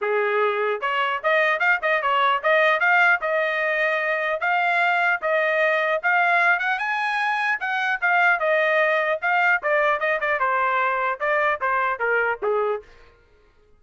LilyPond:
\new Staff \with { instrumentName = "trumpet" } { \time 4/4 \tempo 4 = 150 gis'2 cis''4 dis''4 | f''8 dis''8 cis''4 dis''4 f''4 | dis''2. f''4~ | f''4 dis''2 f''4~ |
f''8 fis''8 gis''2 fis''4 | f''4 dis''2 f''4 | d''4 dis''8 d''8 c''2 | d''4 c''4 ais'4 gis'4 | }